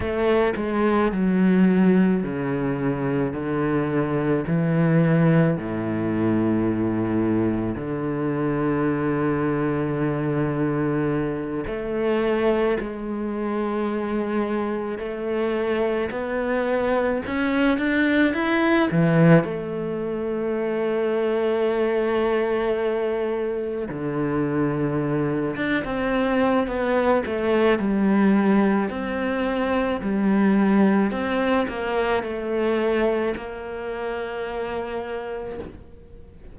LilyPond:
\new Staff \with { instrumentName = "cello" } { \time 4/4 \tempo 4 = 54 a8 gis8 fis4 cis4 d4 | e4 a,2 d4~ | d2~ d8 a4 gis8~ | gis4. a4 b4 cis'8 |
d'8 e'8 e8 a2~ a8~ | a4. d4. d'16 c'8. | b8 a8 g4 c'4 g4 | c'8 ais8 a4 ais2 | }